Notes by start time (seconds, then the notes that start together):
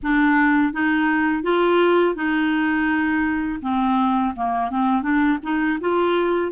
0.02 D4
0.73 D#4
1.43 F4
2.15 D#4
3.62 C4
4.35 A#3
4.70 C4
5.02 D4
5.42 D#4
5.80 F4